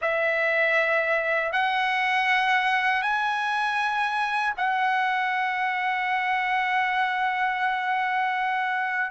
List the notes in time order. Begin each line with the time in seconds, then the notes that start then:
0.01 E5
1.52 F#5
3.01 G#5
4.57 F#5